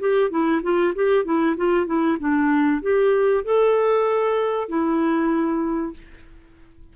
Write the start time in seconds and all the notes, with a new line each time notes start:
0.00 G4
0.31 E4
0.63 F4
0.95 G4
1.25 E4
1.57 F4
1.87 E4
2.20 D4
2.82 G4
3.45 A4
4.69 E4